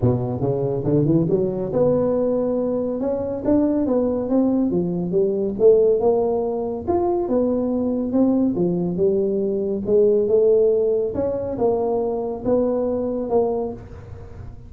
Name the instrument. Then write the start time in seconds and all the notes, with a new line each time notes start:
tuba
0.01 B2
0.40 C#3
0.84 D3
1.05 E3
1.29 F#3
1.73 B3
3.00 C#4
3.44 D4
3.86 B3
4.29 C4
4.70 F3
5.11 G3
5.59 A3
5.99 A#3
6.87 F4
7.28 B3
8.12 C4
8.55 F3
8.96 G3
9.86 G#3
10.28 A3
11.14 C#4
11.58 A#3
12.44 B3
13.29 A#3